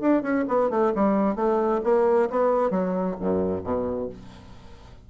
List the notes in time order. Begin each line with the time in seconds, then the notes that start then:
0.00 D4
0.22 C#4
0.48 B3
0.70 A3
0.94 G3
1.35 A3
1.83 A#3
2.30 B3
2.70 F#3
3.19 F#2
3.63 B2